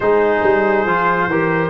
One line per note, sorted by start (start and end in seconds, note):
0.00 0.40 G#3
0.00 0.87 D#4
0.00 1.30 G#4
0.00 1.70 C5
0.43 0.85 G3
0.85 1.27 F3
0.85 1.30 F4
1.27 1.69 E3
1.27 1.70 G4
1.27 1.70 A#4